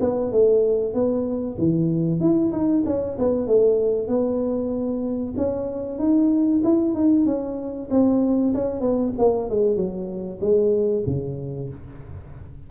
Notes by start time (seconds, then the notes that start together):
0.00 B3
0.31 A3
0.94 B3
1.58 E3
2.20 E4
2.52 D#4
2.85 C#4
3.18 B3
3.47 A3
4.08 B3
5.37 C#4
5.98 D#4
6.63 E4
6.94 D#4
7.26 C#4
7.90 C4
8.54 C#4
8.80 B3
9.18 A#3
9.49 G#3
9.76 F#3
10.40 G#3
11.06 C#3